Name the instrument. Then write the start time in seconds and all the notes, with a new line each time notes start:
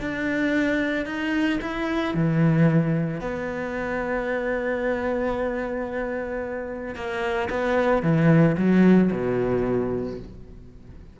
cello
0.00 D4
1.06 D#4
1.61 E4
2.14 E3
3.21 B3
6.95 A#3
7.50 B3
8.03 E3
8.57 F#3
9.12 B2